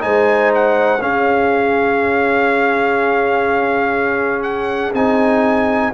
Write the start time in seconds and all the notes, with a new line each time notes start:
0.00 G#3 D#4 C5 G#5
0.54 F#5
1.00 C#4 G#4 F5
4.42 F#5
4.93 C4 D#4 G#5